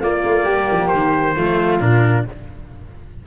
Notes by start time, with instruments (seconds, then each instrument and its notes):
0.00 tuba A#3, cello A#3, flute F4, trumpet D5
0.24 tuba A3
0.44 tuba G3, flute G4
0.71 tuba F3
0.87 tuba D#3, trumpet C5
1.35 tuba F3, cello A3, flute F4
1.79 tuba A#2, cello D4, trumpet A#4